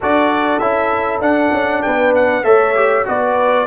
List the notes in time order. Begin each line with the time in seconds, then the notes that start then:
0.00 D4 F#4 A4 D5
0.59 C#4 E4 E5
1.20 D4 F#5
1.51 C#4
1.82 B3 B4 G5
2.15 F#5
2.43 A3 A4 C#5 E5
2.75 G4
3.05 B3 F#4 B4 D5